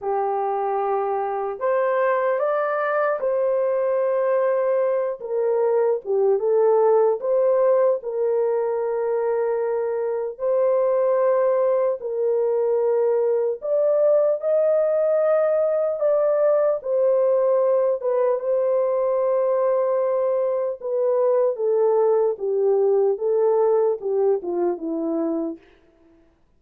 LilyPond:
\new Staff \with { instrumentName = "horn" } { \time 4/4 \tempo 4 = 75 g'2 c''4 d''4 | c''2~ c''8 ais'4 g'8 | a'4 c''4 ais'2~ | ais'4 c''2 ais'4~ |
ais'4 d''4 dis''2 | d''4 c''4. b'8 c''4~ | c''2 b'4 a'4 | g'4 a'4 g'8 f'8 e'4 | }